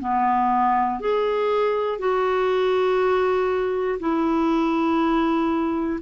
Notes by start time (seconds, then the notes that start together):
0.00 B3
1.00 G#4
1.99 F#4
4.00 E4